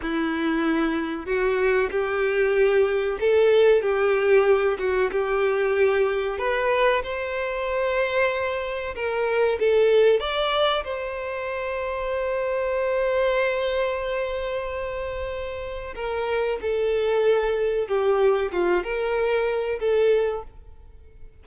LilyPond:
\new Staff \with { instrumentName = "violin" } { \time 4/4 \tempo 4 = 94 e'2 fis'4 g'4~ | g'4 a'4 g'4. fis'8 | g'2 b'4 c''4~ | c''2 ais'4 a'4 |
d''4 c''2.~ | c''1~ | c''4 ais'4 a'2 | g'4 f'8 ais'4. a'4 | }